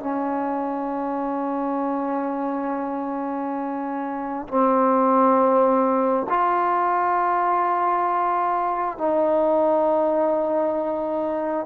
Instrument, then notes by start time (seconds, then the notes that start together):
trombone
0.00 C#4
4.48 C4
6.29 F4
8.98 D#4